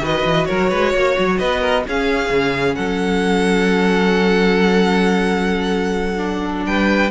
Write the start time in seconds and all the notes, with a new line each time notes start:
0.00 D#3 F#4 B4 D#5
0.25 E3
0.45 F#3 A#4 C#5
0.70 G#3 B4
0.93 A#3 C#5
1.18 F#3
1.38 B3 B4 D#5
1.60 A#4
1.86 C#4 G#4 F5
2.29 C#3
2.75 F#3 A4 F#5
6.17 D4
6.66 G3 B4 G5